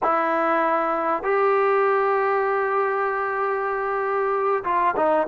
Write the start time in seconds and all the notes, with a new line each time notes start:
0.03 E4
1.23 G4
4.64 F4
4.96 D#4